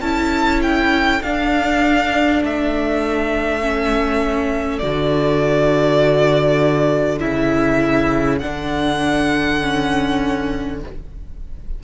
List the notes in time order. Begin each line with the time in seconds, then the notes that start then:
0.00 C#4 E4 A4 A5
0.63 G5
1.22 D4 F5
2.43 A3 E5
3.61 C#4
4.79 D3 F#4 D5
7.20 C#3 E4 E5
8.39 D3 D4 F#5
9.61 C#4